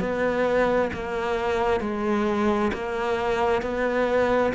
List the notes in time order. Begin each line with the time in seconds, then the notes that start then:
0.00 B3
0.93 A#3
1.81 G#3
2.73 A#3
3.62 B3